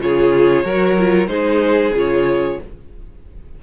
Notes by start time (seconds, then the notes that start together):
0.00 C#3 F4 G#4 C#5
0.64 F#3 F#4 A#4
0.99 F4
1.27 G#3 D#4 G#4 C5
1.94 C#3 F4 C#5